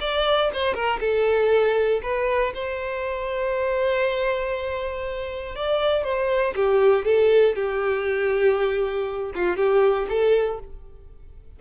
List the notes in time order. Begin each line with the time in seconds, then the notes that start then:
0.00 D5
0.53 C5
0.74 A#4
1.00 A4
2.02 B4
2.54 C5
5.55 D5
6.04 C5
6.55 G4
7.05 A4
7.55 G4
9.35 F4
9.56 G4
10.09 A4